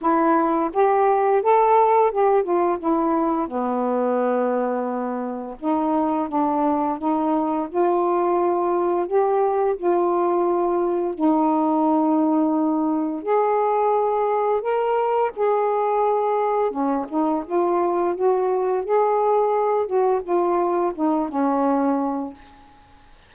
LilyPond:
\new Staff \with { instrumentName = "saxophone" } { \time 4/4 \tempo 4 = 86 e'4 g'4 a'4 g'8 f'8 | e'4 b2. | dis'4 d'4 dis'4 f'4~ | f'4 g'4 f'2 |
dis'2. gis'4~ | gis'4 ais'4 gis'2 | cis'8 dis'8 f'4 fis'4 gis'4~ | gis'8 fis'8 f'4 dis'8 cis'4. | }